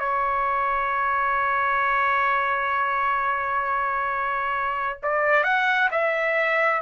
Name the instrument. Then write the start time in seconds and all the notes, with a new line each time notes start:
trumpet
0.00 C#5
5.03 D5
5.44 F#5
5.91 E5